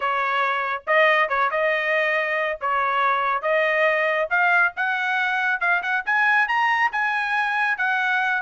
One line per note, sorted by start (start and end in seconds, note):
0.00 0.82 C#5
0.86 1.29 D#5
1.29 1.50 C#5
1.50 2.58 D#5
2.60 3.42 C#5
3.42 4.28 D#5
4.29 4.73 F5
4.76 5.60 F#5
5.60 5.82 F5
5.82 6.04 F#5
6.05 6.47 G#5
6.47 6.91 A#5
6.91 7.77 G#5
7.77 8.42 F#5